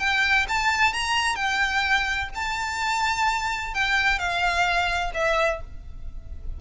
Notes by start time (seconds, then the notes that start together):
0.00 G5
0.49 A5
0.93 A#5
1.36 G5
2.35 A5
3.74 G5
4.19 F5
5.14 E5